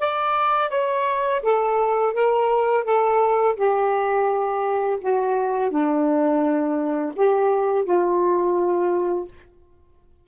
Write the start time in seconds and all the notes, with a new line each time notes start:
0.00 D5
0.70 C#5
1.43 A4
2.13 A#4
2.84 A4
3.56 G4
5.01 F#4
5.71 D4
7.16 G4
7.85 F4